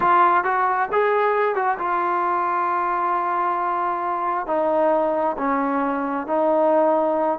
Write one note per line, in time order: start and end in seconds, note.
0.00 0.44 F4
0.44 0.88 F#4
0.92 1.55 G#4
1.55 1.77 F#4
1.78 4.47 F4
4.47 5.36 D#4
5.37 6.26 C#4
6.26 7.38 D#4